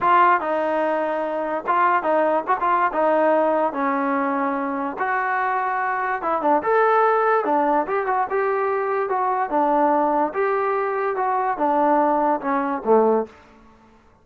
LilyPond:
\new Staff \with { instrumentName = "trombone" } { \time 4/4 \tempo 4 = 145 f'4 dis'2. | f'4 dis'4 fis'16 f'8. dis'4~ | dis'4 cis'2. | fis'2. e'8 d'8 |
a'2 d'4 g'8 fis'8 | g'2 fis'4 d'4~ | d'4 g'2 fis'4 | d'2 cis'4 a4 | }